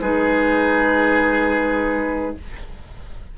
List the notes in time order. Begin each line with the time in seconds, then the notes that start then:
0.00 G#3 D#4 G#4 B4